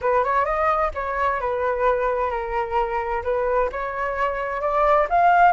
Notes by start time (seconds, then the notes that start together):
0.01 B4
0.24 C#5
0.45 D#5
0.94 C#5
1.40 B4
2.30 A#4
3.23 B4
3.72 C#5
4.61 D5
5.09 F5